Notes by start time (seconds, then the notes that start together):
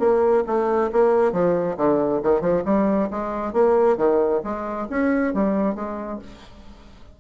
0.00 A#3
0.47 A3
0.92 A#3
1.33 F3
1.78 D3
2.23 D#3
2.41 F3
2.66 G3
3.11 G#3
3.54 A#3
3.98 D#3
4.44 G#3
4.91 C#4
5.34 G3
5.76 G#3